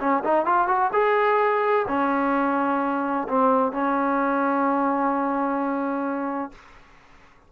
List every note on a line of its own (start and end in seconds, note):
0.00 0.23 C#4
0.24 0.46 D#4
0.46 0.68 F4
0.68 0.91 F#4
0.93 1.86 G#4
1.88 3.28 C#4
3.29 3.73 C4
3.73 6.52 C#4